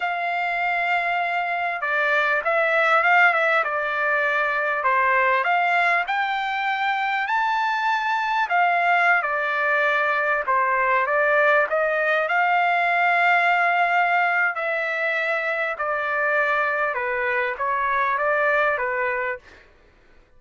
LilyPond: \new Staff \with { instrumentName = "trumpet" } { \time 4/4 \tempo 4 = 99 f''2. d''4 | e''4 f''8 e''8 d''2 | c''4 f''4 g''2 | a''2 f''4~ f''16 d''8.~ |
d''4~ d''16 c''4 d''4 dis''8.~ | dis''16 f''2.~ f''8. | e''2 d''2 | b'4 cis''4 d''4 b'4 | }